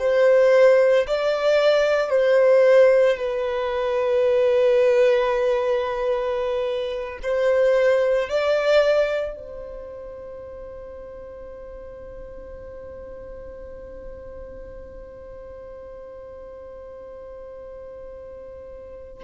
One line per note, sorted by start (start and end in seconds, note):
0.00 1.07 C5
1.07 2.10 D5
2.10 3.18 C5
3.18 7.19 B4
7.23 8.30 C5
8.30 9.37 D5
9.37 19.24 C5